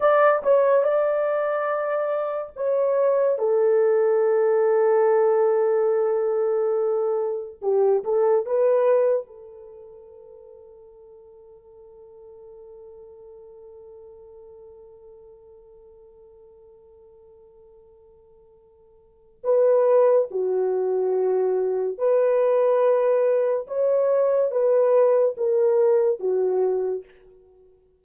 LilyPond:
\new Staff \with { instrumentName = "horn" } { \time 4/4 \tempo 4 = 71 d''8 cis''8 d''2 cis''4 | a'1~ | a'4 g'8 a'8 b'4 a'4~ | a'1~ |
a'1~ | a'2. b'4 | fis'2 b'2 | cis''4 b'4 ais'4 fis'4 | }